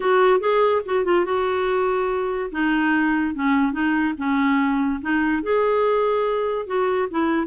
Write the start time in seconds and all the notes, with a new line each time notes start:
0.00 F#4
0.40 G#4
0.85 F#4
1.04 F4
1.25 F#4
2.51 D#4
3.34 C#4
3.72 D#4
4.17 C#4
5.01 D#4
5.42 G#4
6.66 F#4
7.10 E4